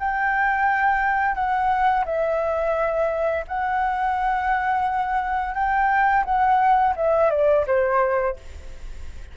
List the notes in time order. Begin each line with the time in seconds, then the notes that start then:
0.00 G5
1.35 F#5
2.05 E5
3.48 F#5
5.55 G5
6.25 F#5
6.96 E5
7.31 D5
7.67 C5